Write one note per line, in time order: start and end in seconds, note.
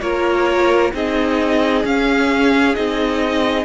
0.00 0.92 A#3
0.00 0.93 F4
0.00 0.93 A#4
0.00 0.91 C#5
0.93 1.84 C4
0.93 1.83 D#4
0.93 3.65 G#4
0.93 1.85 D#5
1.83 2.73 C#4
1.83 2.75 C#4
1.83 2.74 F5
2.73 3.65 C4
2.73 3.64 D#4
2.73 3.65 D#5